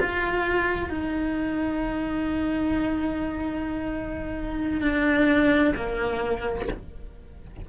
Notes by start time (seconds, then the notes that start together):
0.00 F4
0.89 D#4
4.81 D4
5.76 A#3